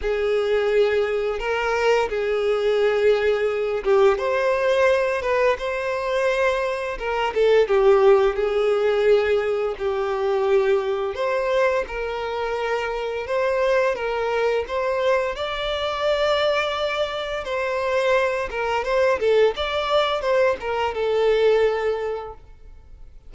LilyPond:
\new Staff \with { instrumentName = "violin" } { \time 4/4 \tempo 4 = 86 gis'2 ais'4 gis'4~ | gis'4. g'8 c''4. b'8 | c''2 ais'8 a'8 g'4 | gis'2 g'2 |
c''4 ais'2 c''4 | ais'4 c''4 d''2~ | d''4 c''4. ais'8 c''8 a'8 | d''4 c''8 ais'8 a'2 | }